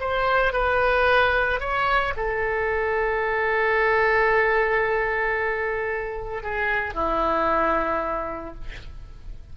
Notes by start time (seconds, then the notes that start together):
0.00 C5
0.53 B4
1.60 C#5
2.17 A4
6.43 G#4
6.94 E4